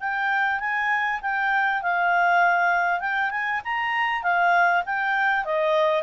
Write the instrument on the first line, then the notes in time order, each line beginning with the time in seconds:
clarinet
0.00 G5
0.60 G#5
1.21 G5
1.82 F5
3.00 G5
3.30 G#5
3.64 A#5
4.23 F5
4.85 G5
5.45 D#5